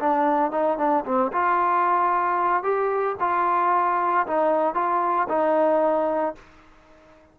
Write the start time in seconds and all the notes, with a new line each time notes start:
0.00 D4
0.51 D#4
0.78 D4
1.05 C4
1.33 F4
2.63 G4
3.20 F4
4.27 D#4
4.74 F4
5.29 D#4